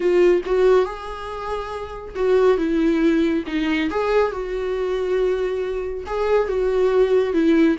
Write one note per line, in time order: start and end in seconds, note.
0.00 0.41 F4
0.45 0.85 F#4
0.85 2.14 G#4
2.15 2.57 F#4
2.57 3.43 E4
3.46 3.89 D#4
3.90 4.31 G#4
4.31 6.04 F#4
6.06 6.48 G#4
6.48 7.33 F#4
7.33 7.76 E4